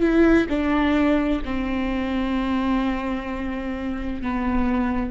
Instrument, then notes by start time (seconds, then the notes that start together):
viola
0.00 E4
0.50 D4
1.45 C4
4.22 B3